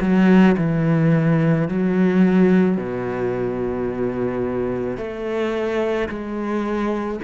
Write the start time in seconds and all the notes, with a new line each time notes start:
0.00 F#3
0.57 E3
1.68 F#3
2.77 B2
4.97 A3
6.09 G#3